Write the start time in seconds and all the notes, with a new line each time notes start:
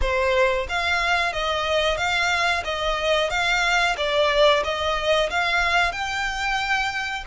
0.01 C5
0.68 F5
1.32 D#5
1.97 F5
2.64 D#5
3.30 F5
3.97 D5
4.63 D#5
5.30 F5
5.92 G5